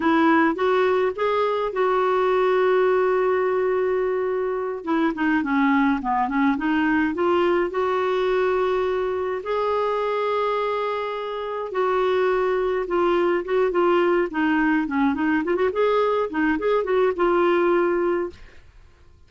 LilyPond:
\new Staff \with { instrumentName = "clarinet" } { \time 4/4 \tempo 4 = 105 e'4 fis'4 gis'4 fis'4~ | fis'1~ | fis'8 e'8 dis'8 cis'4 b8 cis'8 dis'8~ | dis'8 f'4 fis'2~ fis'8~ |
fis'8 gis'2.~ gis'8~ | gis'8 fis'2 f'4 fis'8 | f'4 dis'4 cis'8 dis'8 f'16 fis'16 gis'8~ | gis'8 dis'8 gis'8 fis'8 f'2 | }